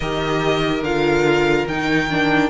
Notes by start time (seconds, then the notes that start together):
0.00 D#3 G4 A#4 D#5
0.82 D3 F4 F5
1.67 D#3 D#4 G5
2.10 D4